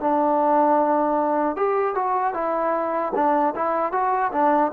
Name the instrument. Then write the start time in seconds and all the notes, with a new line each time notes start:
trombone
0.00 D4
1.56 G4
1.94 F#4
2.34 E4
3.15 D4
3.55 E4
3.92 F#4
4.32 D4